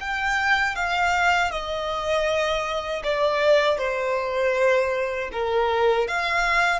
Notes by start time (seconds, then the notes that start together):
0.00 G5
0.75 F5
1.51 D#5
3.03 D5
3.78 C5
5.32 A#4
6.08 F5